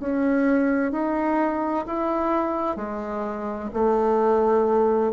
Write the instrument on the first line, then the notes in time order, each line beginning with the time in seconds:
bassoon
0.00 C#4
0.92 D#4
1.86 E4
2.76 G#3
3.73 A3